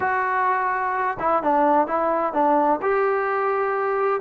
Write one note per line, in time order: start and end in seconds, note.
0.00 1.17 F#4
1.19 1.43 E4
1.43 1.87 D4
1.87 2.33 E4
2.33 2.80 D4
2.81 4.21 G4